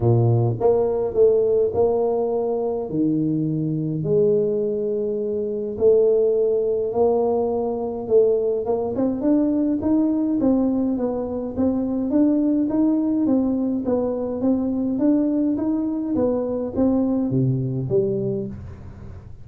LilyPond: \new Staff \with { instrumentName = "tuba" } { \time 4/4 \tempo 4 = 104 ais,4 ais4 a4 ais4~ | ais4 dis2 gis4~ | gis2 a2 | ais2 a4 ais8 c'8 |
d'4 dis'4 c'4 b4 | c'4 d'4 dis'4 c'4 | b4 c'4 d'4 dis'4 | b4 c'4 c4 g4 | }